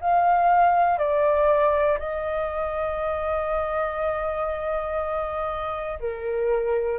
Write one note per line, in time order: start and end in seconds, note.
0.00 0.98 F5
0.98 1.98 D5
1.99 5.99 D#5
5.99 6.99 A#4